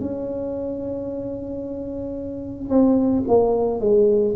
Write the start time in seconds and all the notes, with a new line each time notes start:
0.00 C#4
2.69 C4
3.28 A#3
3.80 G#3